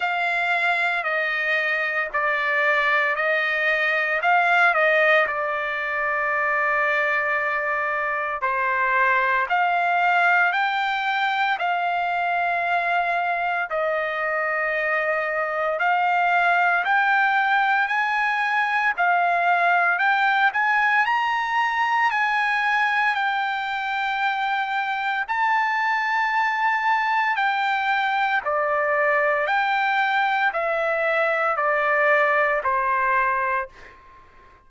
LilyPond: \new Staff \with { instrumentName = "trumpet" } { \time 4/4 \tempo 4 = 57 f''4 dis''4 d''4 dis''4 | f''8 dis''8 d''2. | c''4 f''4 g''4 f''4~ | f''4 dis''2 f''4 |
g''4 gis''4 f''4 g''8 gis''8 | ais''4 gis''4 g''2 | a''2 g''4 d''4 | g''4 e''4 d''4 c''4 | }